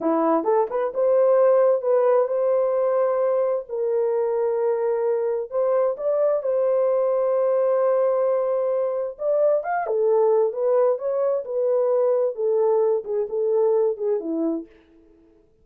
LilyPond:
\new Staff \with { instrumentName = "horn" } { \time 4/4 \tempo 4 = 131 e'4 a'8 b'8 c''2 | b'4 c''2. | ais'1 | c''4 d''4 c''2~ |
c''1 | d''4 f''8 a'4. b'4 | cis''4 b'2 a'4~ | a'8 gis'8 a'4. gis'8 e'4 | }